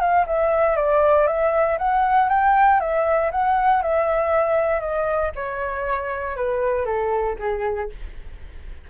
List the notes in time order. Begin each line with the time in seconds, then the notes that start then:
0.00 F5
0.27 E5
0.76 D5
1.27 E5
1.78 F#5
2.29 G5
2.80 E5
3.31 F#5
3.82 E5
4.80 D#5
5.35 C#5
6.36 B4
6.85 A4
7.39 G#4